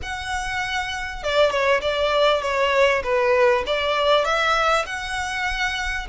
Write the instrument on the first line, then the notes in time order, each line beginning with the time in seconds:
violin
0.02 F#5
1.23 D5
1.50 C#5
1.81 D5
2.41 C#5
3.03 B4
3.66 D5
4.24 E5
4.86 F#5